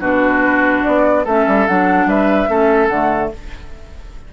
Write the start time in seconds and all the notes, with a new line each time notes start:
0.00 B2 D4 F#4 B4
0.84 B3 D5
1.24 A3 C#4 A4 E5
1.47 G3
1.67 F#3 D4 F#5
2.06 G3 B4 E5
2.48 A3 C#4 A4
2.88 D3 A3 F#5